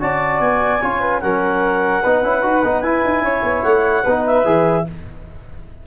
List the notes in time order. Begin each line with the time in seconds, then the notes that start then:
0.00 C#4 F#4 D5 A5
0.40 B3 G#5
0.82 C#4 F4 C#5
1.00 B4
1.21 F#3 C#4 A#4 F#5
2.02 B3 D#4 B4
2.23 C#4 E4
2.43 D#4 F#4
2.64 B3 D#4
2.82 E4 G#5
3.05 D#4
3.22 C#4 C#5
3.42 B3
3.63 A3 F#5
4.03 B3 D#4 B4
4.26 E5
4.45 E3 G#4